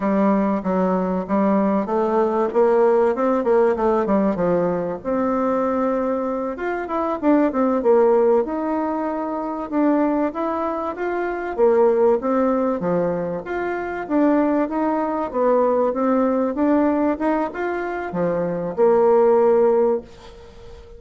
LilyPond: \new Staff \with { instrumentName = "bassoon" } { \time 4/4 \tempo 4 = 96 g4 fis4 g4 a4 | ais4 c'8 ais8 a8 g8 f4 | c'2~ c'8 f'8 e'8 d'8 | c'8 ais4 dis'2 d'8~ |
d'8 e'4 f'4 ais4 c'8~ | c'8 f4 f'4 d'4 dis'8~ | dis'8 b4 c'4 d'4 dis'8 | f'4 f4 ais2 | }